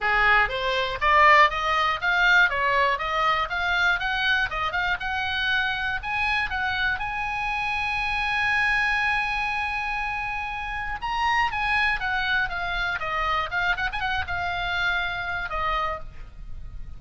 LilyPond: \new Staff \with { instrumentName = "oboe" } { \time 4/4 \tempo 4 = 120 gis'4 c''4 d''4 dis''4 | f''4 cis''4 dis''4 f''4 | fis''4 dis''8 f''8 fis''2 | gis''4 fis''4 gis''2~ |
gis''1~ | gis''2 ais''4 gis''4 | fis''4 f''4 dis''4 f''8 fis''16 gis''16 | fis''8 f''2~ f''8 dis''4 | }